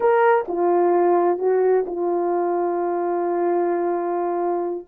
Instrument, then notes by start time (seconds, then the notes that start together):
horn
0.00 A#4
0.47 F4
1.38 F#4
1.86 F4